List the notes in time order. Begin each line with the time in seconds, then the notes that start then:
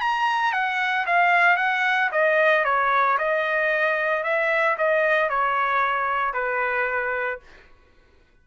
0.00 A#5
0.52 F#5
1.06 F5
1.56 F#5
2.12 D#5
2.65 C#5
3.18 D#5
4.24 E5
4.78 D#5
5.30 C#5
6.34 B4